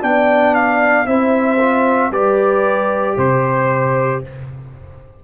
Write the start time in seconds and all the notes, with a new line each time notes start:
0.00 B3 D4 D5 G5
0.54 F5
1.05 C4 E4 C5 E5
1.59 F4
2.10 G3 G4 B4 D5
3.16 C3 C5